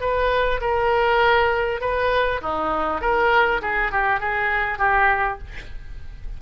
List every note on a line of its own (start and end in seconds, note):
0.00 0.60 B4
0.60 1.80 A#4
1.80 2.40 B4
2.41 3.01 D#4
3.01 3.61 A#4
3.61 3.91 G#4
3.91 4.20 G4
4.20 4.78 G#4
4.78 5.38 G4